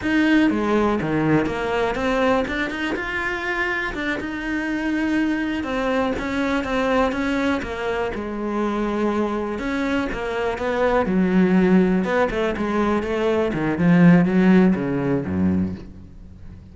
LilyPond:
\new Staff \with { instrumentName = "cello" } { \time 4/4 \tempo 4 = 122 dis'4 gis4 dis4 ais4 | c'4 d'8 dis'8 f'2 | d'8 dis'2. c'8~ | c'8 cis'4 c'4 cis'4 ais8~ |
ais8 gis2. cis'8~ | cis'8 ais4 b4 fis4.~ | fis8 b8 a8 gis4 a4 dis8 | f4 fis4 cis4 fis,4 | }